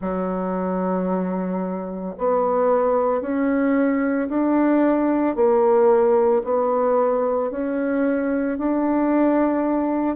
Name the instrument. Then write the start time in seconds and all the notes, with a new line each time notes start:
bassoon
0.00 F#3
2.17 B3
3.21 C#4
4.29 D4
5.35 A#3
6.43 B3
7.50 C#4
8.58 D4